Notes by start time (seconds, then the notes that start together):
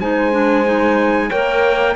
0.00 G#3 D#4 C5 G#5
0.32 D4
0.65 D#4
1.29 A#3 A#4 C#5 G5